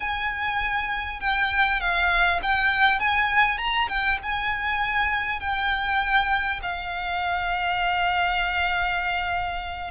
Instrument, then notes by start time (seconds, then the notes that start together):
violin
0.00 G#5
1.20 G5
1.80 F5
2.42 G5
2.99 G#5
3.58 A#5
3.88 G5
4.22 G#5
5.40 G5
6.62 F5